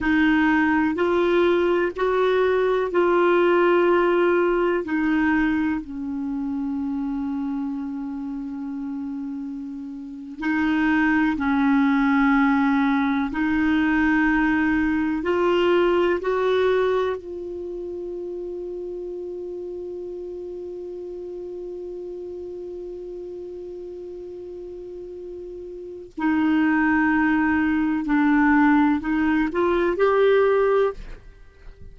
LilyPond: \new Staff \with { instrumentName = "clarinet" } { \time 4/4 \tempo 4 = 62 dis'4 f'4 fis'4 f'4~ | f'4 dis'4 cis'2~ | cis'2~ cis'8. dis'4 cis'16~ | cis'4.~ cis'16 dis'2 f'16~ |
f'8. fis'4 f'2~ f'16~ | f'1~ | f'2. dis'4~ | dis'4 d'4 dis'8 f'8 g'4 | }